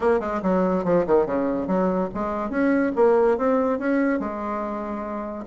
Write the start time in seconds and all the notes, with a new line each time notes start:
0.00 A#3
0.20 G#3
0.42 F#3
0.84 F3
1.06 D#3
1.26 C#3
1.67 F#3
2.14 G#3
2.50 C#4
2.95 A#3
3.37 C4
3.79 C#4
4.19 G#3